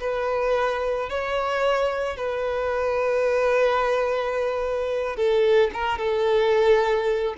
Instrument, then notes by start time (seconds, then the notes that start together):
violin
0.00 B4
1.09 C#5
2.16 B4
5.16 A4
5.73 A#4
5.98 A4